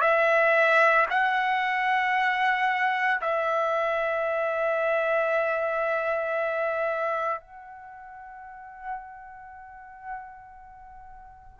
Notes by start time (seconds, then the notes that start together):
0.00 E5
1.10 F#5
3.21 E5
7.40 F#5